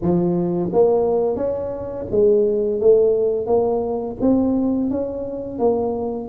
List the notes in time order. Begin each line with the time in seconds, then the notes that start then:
0.01 F3
0.72 A#3
1.36 C#4
2.10 G#3
2.80 A3
3.46 A#3
4.20 C4
4.90 C#4
5.58 A#3